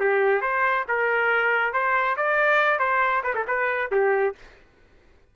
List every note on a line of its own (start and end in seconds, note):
0.00 0.42 G4
0.42 0.85 C5
0.89 1.73 A#4
1.73 2.17 C5
2.17 2.79 D5
2.79 3.23 C5
3.24 3.35 B4
3.35 3.46 A4
3.48 3.91 B4
3.92 4.35 G4